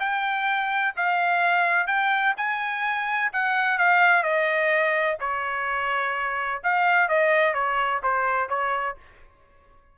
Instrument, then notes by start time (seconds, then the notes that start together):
trumpet
0.00 G5
0.96 F5
1.87 G5
2.37 G#5
3.33 F#5
3.78 F5
4.23 D#5
5.20 C#5
6.63 F5
7.08 D#5
7.54 C#5
8.03 C5
8.49 C#5